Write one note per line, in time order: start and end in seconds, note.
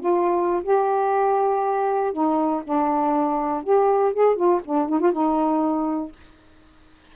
0.00 0.62 F4
0.63 2.12 G4
2.12 2.62 D#4
2.64 3.63 D4
3.63 4.13 G4
4.13 4.36 G#4
4.36 4.61 F4
4.65 4.89 D4
4.89 5.00 D#4
5.00 5.12 F4
5.12 6.12 D#4